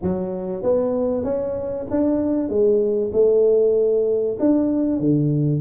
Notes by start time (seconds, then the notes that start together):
0.02 F#3
0.62 B3
1.24 C#4
1.90 D4
2.49 G#3
3.12 A3
4.39 D4
4.99 D3